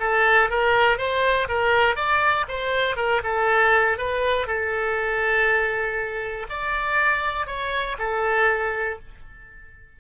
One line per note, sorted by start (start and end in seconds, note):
0.00 0.50 A4
0.50 0.98 A#4
0.98 1.48 C5
1.48 1.96 A#4
1.96 2.46 D5
2.48 2.97 C5
2.97 3.22 A#4
3.24 3.98 A4
3.98 4.47 B4
4.47 6.47 A4
6.50 7.47 D5
7.47 7.97 C#5
7.99 8.99 A4